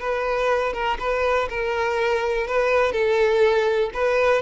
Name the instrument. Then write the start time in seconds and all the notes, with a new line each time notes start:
violin
0.00 B4
0.73 A#4
0.99 B4
1.50 A#4
2.47 B4
2.92 A4
3.94 B4